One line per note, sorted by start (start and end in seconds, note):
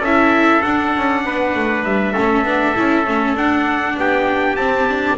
0.00 0.61 C#4
0.00 1.22 A4
0.00 0.63 E5
0.06 0.63 E4
0.63 2.15 D4
0.63 0.96 D4
0.63 1.84 F#5
0.97 1.26 C#4
1.26 1.56 B3
1.26 2.13 B4
1.56 1.85 A3
1.85 2.15 G3
1.85 3.36 E5
2.13 2.43 A3
2.13 2.45 C#4
2.13 3.95 A4
2.43 2.74 B3
2.43 2.76 D4
2.76 3.07 C#4
2.76 3.06 E4
3.07 3.36 A3
3.07 3.37 C#4
3.36 3.96 D4
3.36 4.58 D4
3.36 3.98 F#5
3.97 4.57 B3
3.97 5.18 G4
3.97 4.56 G5
4.56 4.88 C4
4.56 5.18 C4
4.56 5.17 A5
4.90 5.18 D4